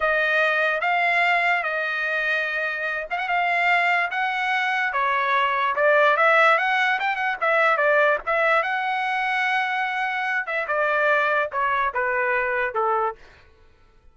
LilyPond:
\new Staff \with { instrumentName = "trumpet" } { \time 4/4 \tempo 4 = 146 dis''2 f''2 | dis''2.~ dis''8 f''16 fis''16 | f''2 fis''2 | cis''2 d''4 e''4 |
fis''4 g''8 fis''8 e''4 d''4 | e''4 fis''2.~ | fis''4. e''8 d''2 | cis''4 b'2 a'4 | }